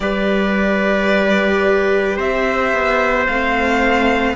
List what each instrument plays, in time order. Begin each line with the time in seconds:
0.00 cello G3, viola G4, trumpet B4, violin D5
2.16 cello C4, trumpet C5, violin E5
2.72 cello B3
3.27 cello A3, viola C4, violin F5